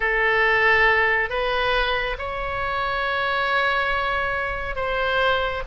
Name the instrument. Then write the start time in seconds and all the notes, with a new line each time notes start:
oboe
0.00 A4
1.29 B4
2.18 C#5
4.75 C5